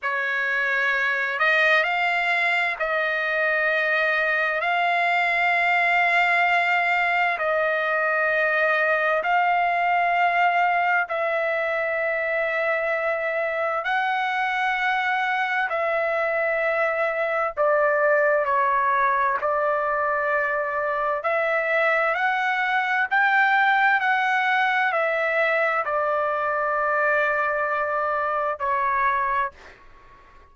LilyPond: \new Staff \with { instrumentName = "trumpet" } { \time 4/4 \tempo 4 = 65 cis''4. dis''8 f''4 dis''4~ | dis''4 f''2. | dis''2 f''2 | e''2. fis''4~ |
fis''4 e''2 d''4 | cis''4 d''2 e''4 | fis''4 g''4 fis''4 e''4 | d''2. cis''4 | }